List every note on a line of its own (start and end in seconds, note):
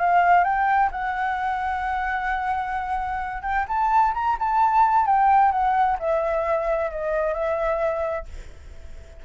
0.00 0.44 F5
0.44 0.90 G5
0.92 3.43 F#5
3.43 3.66 G5
3.68 4.14 A5
4.14 4.37 A#5
4.39 5.06 A5
5.06 5.52 G5
5.52 5.98 F#5
5.99 6.91 E5
6.91 7.34 D#5
7.34 8.25 E5